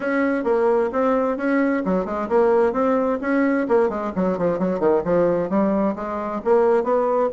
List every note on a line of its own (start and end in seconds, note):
0.00 0.44 C#4
0.44 0.90 A#3
0.92 1.37 C4
1.37 1.83 C#4
1.85 2.05 F#3
2.05 2.28 G#3
2.28 2.73 A#3
2.73 3.18 C4
3.21 3.67 C#4
3.68 3.89 A#3
3.89 4.12 G#3
4.15 4.38 F#3
4.38 4.59 F3
4.59 4.79 F#3
4.79 5.02 D#3
5.04 5.49 F3
5.49 5.95 G3
5.95 6.41 G#3
6.44 6.83 A#3
6.83 7.29 B3